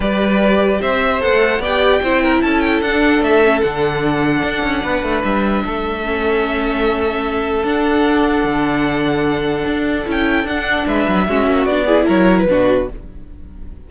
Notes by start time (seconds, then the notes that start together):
0.00 G3 G4 B4 D5
0.80 C4 C5 E5
1.20 B3 A4 F#5
1.31 A3
1.59 B3 G4 D5 G5
2.02 C4 E4 C5
2.23 A#4
2.42 C#4 A4 A5
2.60 G5
2.81 D4 F#5
3.20 A3 E5
3.43 C#4
3.60 D3 D4 F#5
4.42 D4
4.62 C#4
4.83 B3 B4
5.03 A3
5.23 G3 E5
5.64 A3 A4
6.03 C#4
7.63 D4 F#5
8.43 D3
9.65 D4
10.05 C#4 E4 G5
10.44 D4 F#5
10.86 G#3 B4 E5
11.07 F#3
11.28 G#3 C#4 F#4
11.46 A#3
11.65 B3 D4 D5
11.85 E4 G#4
12.05 F#3 A#4 C#5
12.38 B4
12.47 B2 D4 F#4